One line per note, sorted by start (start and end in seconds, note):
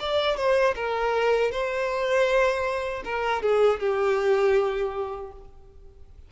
0.00 0.37 D5
0.37 0.75 C5
0.76 1.52 A#4
1.52 3.03 C5
3.05 3.42 A#4
3.42 3.80 G#4
3.80 5.32 G4